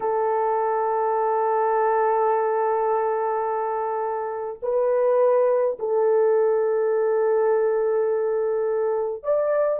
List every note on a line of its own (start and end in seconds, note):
0.00 4.59 A4
4.62 5.77 B4
5.79 9.23 A4
9.23 9.79 D5